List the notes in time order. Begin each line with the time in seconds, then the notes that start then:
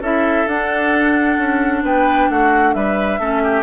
0.00 C#4 E4 A4 E5
0.47 D4 F#5
1.38 C#4
1.83 B3 B4 G5
2.29 A3 F#4 F#5
2.74 G3 B4 E5
3.19 A3 C#4 A4
3.43 G4